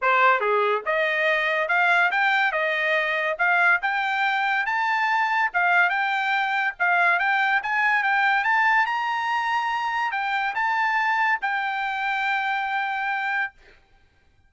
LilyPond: \new Staff \with { instrumentName = "trumpet" } { \time 4/4 \tempo 4 = 142 c''4 gis'4 dis''2 | f''4 g''4 dis''2 | f''4 g''2 a''4~ | a''4 f''4 g''2 |
f''4 g''4 gis''4 g''4 | a''4 ais''2. | g''4 a''2 g''4~ | g''1 | }